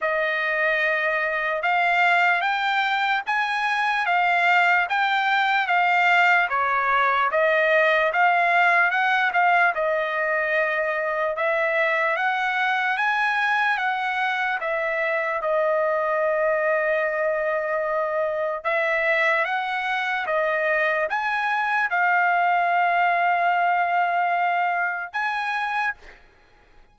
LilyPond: \new Staff \with { instrumentName = "trumpet" } { \time 4/4 \tempo 4 = 74 dis''2 f''4 g''4 | gis''4 f''4 g''4 f''4 | cis''4 dis''4 f''4 fis''8 f''8 | dis''2 e''4 fis''4 |
gis''4 fis''4 e''4 dis''4~ | dis''2. e''4 | fis''4 dis''4 gis''4 f''4~ | f''2. gis''4 | }